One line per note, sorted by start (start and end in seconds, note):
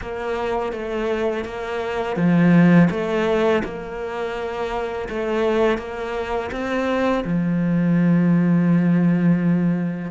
0.01 0.72 A#3
0.72 1.44 A3
1.45 2.16 A#3
2.16 2.88 F3
2.90 3.62 A3
3.63 5.08 A#3
5.09 5.78 A3
5.78 6.50 A#3
6.51 7.24 C4
7.24 10.11 F3